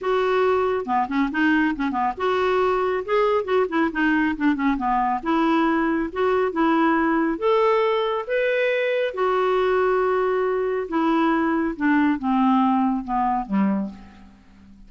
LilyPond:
\new Staff \with { instrumentName = "clarinet" } { \time 4/4 \tempo 4 = 138 fis'2 b8 cis'8 dis'4 | cis'8 b8 fis'2 gis'4 | fis'8 e'8 dis'4 d'8 cis'8 b4 | e'2 fis'4 e'4~ |
e'4 a'2 b'4~ | b'4 fis'2.~ | fis'4 e'2 d'4 | c'2 b4 g4 | }